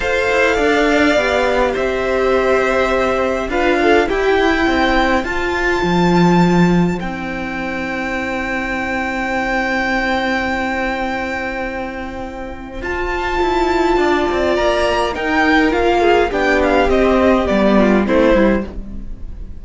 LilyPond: <<
  \new Staff \with { instrumentName = "violin" } { \time 4/4 \tempo 4 = 103 f''2. e''4~ | e''2 f''4 g''4~ | g''4 a''2. | g''1~ |
g''1~ | g''2 a''2~ | a''4 ais''4 g''4 f''4 | g''8 f''8 dis''4 d''4 c''4 | }
  \new Staff \with { instrumentName = "violin" } { \time 4/4 c''4 d''2 c''4~ | c''2 b'8 a'8 g'4 | c''1~ | c''1~ |
c''1~ | c''1 | d''2 ais'4. gis'8 | g'2~ g'8 f'8 e'4 | }
  \new Staff \with { instrumentName = "viola" } { \time 4/4 a'2 g'2~ | g'2 f'4 e'4~ | e'4 f'2. | e'1~ |
e'1~ | e'2 f'2~ | f'2 dis'4 f'4 | d'4 c'4 b4 c'8 e'8 | }
  \new Staff \with { instrumentName = "cello" } { \time 4/4 f'8 e'8 d'4 b4 c'4~ | c'2 d'4 e'4 | c'4 f'4 f2 | c'1~ |
c'1~ | c'2 f'4 e'4 | d'8 c'8 ais4 dis'4 ais4 | b4 c'4 g4 a8 g8 | }
>>